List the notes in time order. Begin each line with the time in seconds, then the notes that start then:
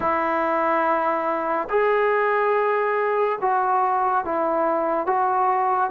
0.00 E4
1.69 G#4
3.41 F#4
4.24 E4
5.06 F#4